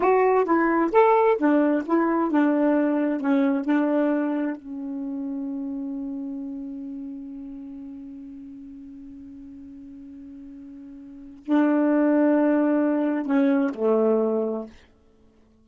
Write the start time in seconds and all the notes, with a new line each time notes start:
0.00 F#4
0.44 E4
0.92 A4
1.38 D4
1.85 E4
2.30 D4
3.20 C#4
3.64 D4
4.56 C#4
11.45 D4
13.25 C#4
13.74 A3